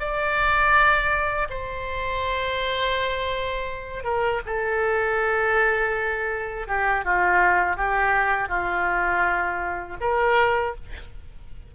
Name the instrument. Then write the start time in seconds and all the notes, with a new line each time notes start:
oboe
0.00 D5
1.50 C5
4.04 A#4
4.46 A4
6.68 G4
7.05 F4
7.77 G4
8.49 F4
10.01 A#4